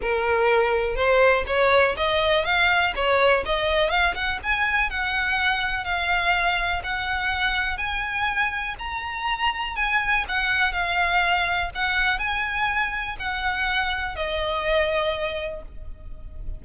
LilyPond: \new Staff \with { instrumentName = "violin" } { \time 4/4 \tempo 4 = 123 ais'2 c''4 cis''4 | dis''4 f''4 cis''4 dis''4 | f''8 fis''8 gis''4 fis''2 | f''2 fis''2 |
gis''2 ais''2 | gis''4 fis''4 f''2 | fis''4 gis''2 fis''4~ | fis''4 dis''2. | }